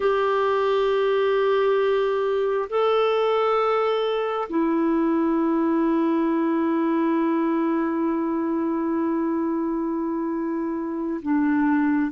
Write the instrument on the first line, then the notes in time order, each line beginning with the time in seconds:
clarinet
0.00 G4
2.69 A4
4.49 E4
11.21 D4